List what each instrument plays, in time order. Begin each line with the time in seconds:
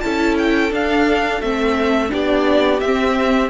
0.00 cello C#4, viola E4, violin A4 A5
0.38 violin G5
0.70 viola D4, cello D4, violin F5
1.41 cello A3, viola C4, violin E5
2.09 cello B3, viola D4, violin G4 D5
2.80 cello C4, viola C4, violin E5